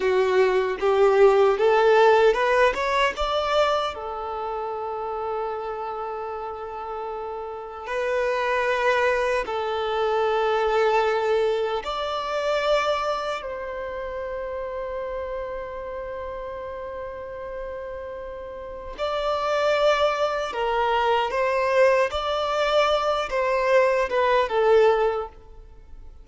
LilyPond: \new Staff \with { instrumentName = "violin" } { \time 4/4 \tempo 4 = 76 fis'4 g'4 a'4 b'8 cis''8 | d''4 a'2.~ | a'2 b'2 | a'2. d''4~ |
d''4 c''2.~ | c''1 | d''2 ais'4 c''4 | d''4. c''4 b'8 a'4 | }